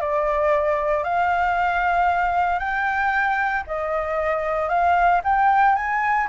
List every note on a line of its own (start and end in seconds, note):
0.00 1.03 D5
1.03 2.59 F5
2.59 3.64 G5
3.67 4.69 D#5
4.69 5.21 F5
5.24 5.75 G5
5.75 6.28 G#5